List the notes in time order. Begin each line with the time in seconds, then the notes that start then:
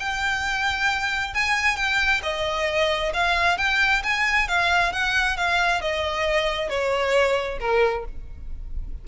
0.00 G5
1.35 G#5
1.77 G5
2.23 D#5
3.14 F5
3.58 G5
4.04 G#5
4.48 F5
4.93 F#5
5.37 F5
5.82 D#5
6.70 C#5
7.60 A#4